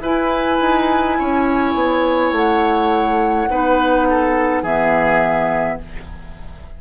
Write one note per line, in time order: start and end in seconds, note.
0.00 0.58 E4
0.00 3.50 E4
0.00 1.18 B4
0.00 2.32 G#5
0.61 1.18 D#4
1.18 1.74 C#4
1.18 3.49 C#5
1.74 2.32 B3
2.32 3.47 A3
2.32 4.63 F#5
3.49 4.62 B3
3.49 4.65 D#4
3.49 4.08 B4
4.09 4.62 A4
4.62 5.78 E3
4.62 5.81 B3
4.62 5.78 G#4
4.62 5.78 E5